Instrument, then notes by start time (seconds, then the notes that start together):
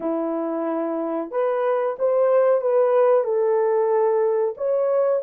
horn
0.00 E4
1.30 B4
1.98 C5
2.61 B4
3.24 A4
4.57 C#5